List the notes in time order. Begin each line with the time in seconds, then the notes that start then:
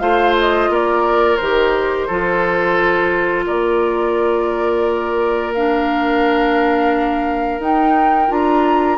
0.00 A3 F4 C5 F5
0.40 D#5
0.70 A#3 A#4 D5
1.37 D#3 G4 C5
2.08 F3 F4 A4
3.47 A#3 A#4 D5
5.54 D4 F5
7.59 D#4 G5
8.29 D4 F4 A#5